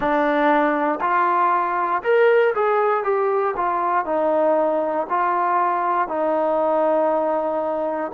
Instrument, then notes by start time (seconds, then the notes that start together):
trombone
0.00 D4
1.00 F4
2.03 A#4
2.54 G#4
3.03 G4
3.56 F4
4.05 D#4
5.09 F4
6.07 D#4